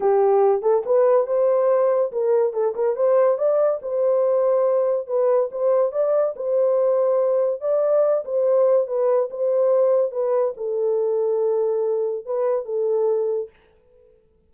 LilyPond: \new Staff \with { instrumentName = "horn" } { \time 4/4 \tempo 4 = 142 g'4. a'8 b'4 c''4~ | c''4 ais'4 a'8 ais'8 c''4 | d''4 c''2. | b'4 c''4 d''4 c''4~ |
c''2 d''4. c''8~ | c''4 b'4 c''2 | b'4 a'2.~ | a'4 b'4 a'2 | }